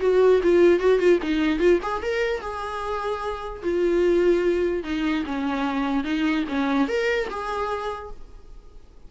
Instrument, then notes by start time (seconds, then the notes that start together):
viola
0.00 F#4
0.43 F4
0.79 F#4
0.99 F4
1.22 D#4
1.59 F4
1.82 G#4
2.03 A#4
2.41 G#4
3.62 F4
4.84 D#4
5.26 C#4
6.04 D#4
6.48 C#4
6.88 A#4
7.30 G#4